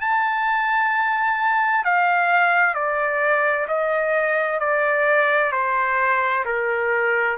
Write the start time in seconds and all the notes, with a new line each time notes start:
0.00 A5
1.84 F5
2.74 D5
3.68 D#5
4.59 D5
5.52 C5
6.45 A#4